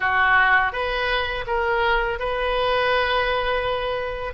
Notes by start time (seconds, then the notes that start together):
0.00 F#4
0.72 B4
1.46 A#4
2.19 B4